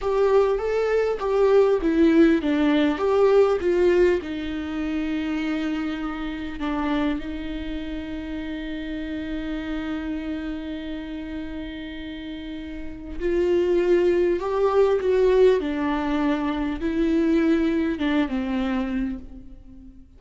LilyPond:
\new Staff \with { instrumentName = "viola" } { \time 4/4 \tempo 4 = 100 g'4 a'4 g'4 e'4 | d'4 g'4 f'4 dis'4~ | dis'2. d'4 | dis'1~ |
dis'1~ | dis'2 f'2 | g'4 fis'4 d'2 | e'2 d'8 c'4. | }